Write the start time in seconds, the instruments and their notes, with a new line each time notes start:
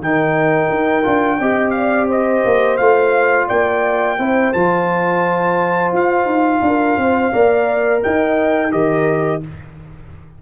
0.00 tuba D#3, trombone D#4, horn A#4, trumpet G5
0.70 tuba D#4
1.03 tuba D4, trombone F4
1.38 tuba C4, trombone G4, horn D#5
1.71 horn D5, trumpet F5
2.09 horn C5, trumpet D#5
2.45 tuba A#3
2.77 tuba A3, trombone F4, trumpet F5
3.48 tuba A#3, horn D5, trumpet G5
4.18 tuba C4, trombone E4, horn C5
4.53 tuba F3, trombone F4, trumpet A5
5.93 tuba F4, trumpet F5
6.25 tuba D#4
6.62 tuba D4, horn A#4
6.97 tuba C4, horn C5
7.33 tuba A#3, trombone A#4, horn D5
8.03 tuba D#4, horn D#5, trumpet G5
8.71 tuba D#3, trombone G4, horn A#4, trumpet D#5